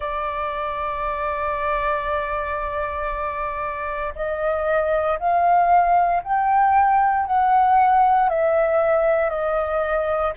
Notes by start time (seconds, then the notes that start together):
0.00 D5
4.15 D#5
5.19 F5
6.23 G5
7.26 F#5
8.29 E5
9.29 D#5